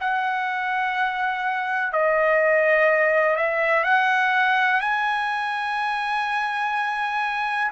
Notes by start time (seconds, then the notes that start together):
0.00 F#5
1.92 D#5
3.36 E5
3.84 F#5
4.80 G#5